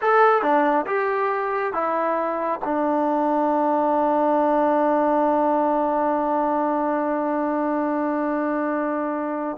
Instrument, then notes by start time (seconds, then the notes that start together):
trombone
0.01 A4
0.42 D4
0.86 G4
1.73 E4
2.64 D4